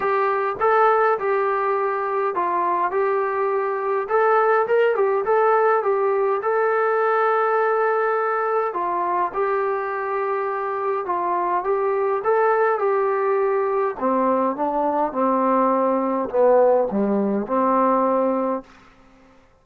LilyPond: \new Staff \with { instrumentName = "trombone" } { \time 4/4 \tempo 4 = 103 g'4 a'4 g'2 | f'4 g'2 a'4 | ais'8 g'8 a'4 g'4 a'4~ | a'2. f'4 |
g'2. f'4 | g'4 a'4 g'2 | c'4 d'4 c'2 | b4 g4 c'2 | }